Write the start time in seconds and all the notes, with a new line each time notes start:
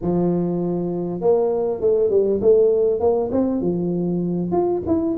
0.01 F3
1.20 A#3
1.80 A3
2.10 G3
2.41 A3
3.00 A#3
3.31 C4
3.61 F3
4.52 F4
4.86 E4